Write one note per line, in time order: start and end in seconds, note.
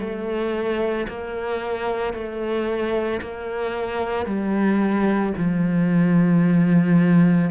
0.00 1.07 A3
1.09 2.13 A#3
2.13 3.20 A3
3.21 4.26 A#3
4.26 5.33 G3
5.37 7.51 F3